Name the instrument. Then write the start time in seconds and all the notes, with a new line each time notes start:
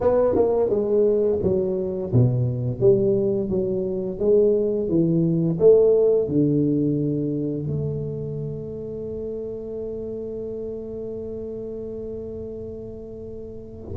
tuba
0.00 B3
0.35 A#3
0.69 G#3
1.42 F#3
2.12 B2
2.80 G3
3.49 F#3
4.19 G#3
4.88 E3
5.59 A3
6.28 D3
7.67 A3